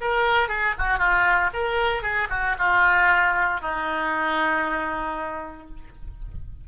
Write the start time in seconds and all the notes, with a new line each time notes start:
0.00 A#4
0.48 G#4
0.78 F#4
0.98 F4
1.53 A#4
2.02 G#4
2.29 F#4
2.58 F4
3.61 D#4